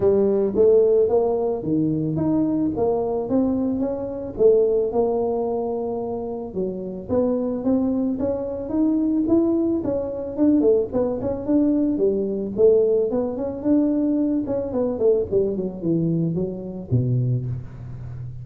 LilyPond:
\new Staff \with { instrumentName = "tuba" } { \time 4/4 \tempo 4 = 110 g4 a4 ais4 dis4 | dis'4 ais4 c'4 cis'4 | a4 ais2. | fis4 b4 c'4 cis'4 |
dis'4 e'4 cis'4 d'8 a8 | b8 cis'8 d'4 g4 a4 | b8 cis'8 d'4. cis'8 b8 a8 | g8 fis8 e4 fis4 b,4 | }